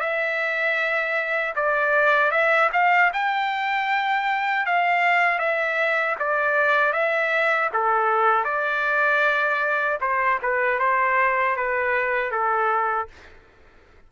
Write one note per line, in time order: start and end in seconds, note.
0.00 1.54 E5
1.55 2.31 D5
2.31 2.70 E5
2.73 3.11 F5
3.13 4.66 G5
4.66 5.38 F5
5.38 6.15 E5
6.19 6.93 D5
6.93 7.70 E5
7.73 8.44 A4
8.44 9.98 D5
10.00 10.39 C5
10.42 10.79 B4
10.79 11.56 C5
11.56 12.31 B4
12.31 13.08 A4